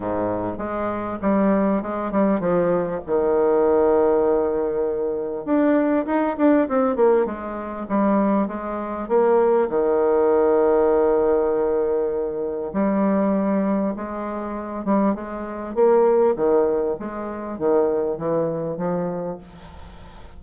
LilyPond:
\new Staff \with { instrumentName = "bassoon" } { \time 4/4 \tempo 4 = 99 gis,4 gis4 g4 gis8 g8 | f4 dis2.~ | dis4 d'4 dis'8 d'8 c'8 ais8 | gis4 g4 gis4 ais4 |
dis1~ | dis4 g2 gis4~ | gis8 g8 gis4 ais4 dis4 | gis4 dis4 e4 f4 | }